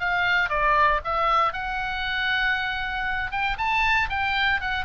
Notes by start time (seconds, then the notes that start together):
0.00 F5
0.49 D5
1.04 E5
1.53 F#5
3.31 G5
3.58 A5
4.09 G5
4.61 F#5